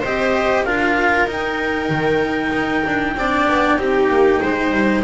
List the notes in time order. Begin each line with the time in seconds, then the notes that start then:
0.00 C4 G4 C5 D#5
0.64 D4 F4 A#4 F5
1.26 D#4 G5
1.89 D#3
2.52 D#4
2.87 D4
3.15 C4 D4 D5
3.48 B3
3.78 C4 D#4 G4
4.08 A#3
4.41 G#3 C5
4.72 G3